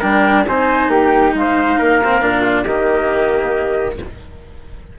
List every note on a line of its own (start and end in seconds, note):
0.00 0.46 G3
0.00 0.45 D4
0.00 0.44 A#4
0.00 0.45 G5
0.47 0.88 C4
0.47 2.03 D#4
0.47 0.91 C5
0.47 0.91 G#5
0.88 1.32 A#3
0.88 1.35 G4
0.88 1.35 G5
1.34 1.78 G#3
1.34 1.79 C5
1.34 2.64 F5
1.79 2.22 A#3
1.79 2.42 A#4
2.04 2.22 C4
2.22 2.66 A#2
2.22 2.65 D4
2.42 2.64 F4
2.64 3.97 D#3
2.64 3.99 A#3
2.64 3.96 G4
2.64 3.95 D#5